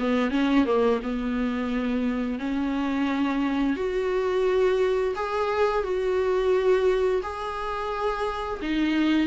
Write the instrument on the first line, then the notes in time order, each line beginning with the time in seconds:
viola
0.00 B3
0.31 C#4
0.66 A#3
1.03 B3
2.39 C#4
3.76 F#4
5.16 G#4
5.84 F#4
7.23 G#4
8.62 D#4